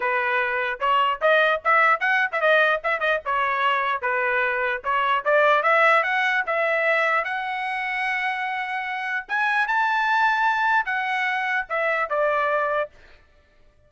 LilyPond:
\new Staff \with { instrumentName = "trumpet" } { \time 4/4 \tempo 4 = 149 b'2 cis''4 dis''4 | e''4 fis''8. e''16 dis''4 e''8 dis''8 | cis''2 b'2 | cis''4 d''4 e''4 fis''4 |
e''2 fis''2~ | fis''2. gis''4 | a''2. fis''4~ | fis''4 e''4 d''2 | }